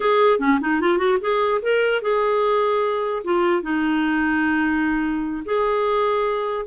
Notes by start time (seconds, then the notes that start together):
0.00 G#4
0.39 C#4
0.60 D#4
0.81 F4
0.98 F#4
1.21 G#4
1.62 A#4
2.01 G#4
3.24 F4
3.62 D#4
5.45 G#4